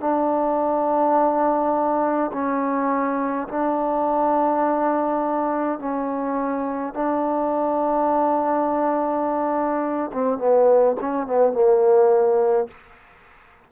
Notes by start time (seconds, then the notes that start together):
0.00 D4
2.33 C#4
3.49 D4
5.79 C#4
6.94 D4
10.13 C4
10.38 B3
11.01 C#4
11.27 B3
11.53 A#3